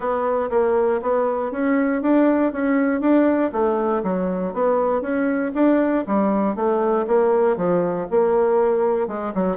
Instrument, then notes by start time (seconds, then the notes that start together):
bassoon
0.00 B3
0.50 A#3
1.02 B3
1.51 C#4
2.02 D4
2.52 C#4
3.00 D4
3.52 A3
4.03 F#3
4.53 B3
5.01 C#4
5.54 D4
6.06 G3
6.55 A3
7.07 A#3
7.57 F3
8.10 A#3
9.07 G#3
9.34 F#3